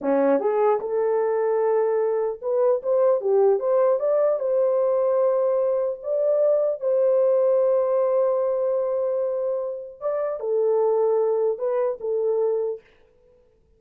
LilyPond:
\new Staff \with { instrumentName = "horn" } { \time 4/4 \tempo 4 = 150 cis'4 gis'4 a'2~ | a'2 b'4 c''4 | g'4 c''4 d''4 c''4~ | c''2. d''4~ |
d''4 c''2.~ | c''1~ | c''4 d''4 a'2~ | a'4 b'4 a'2 | }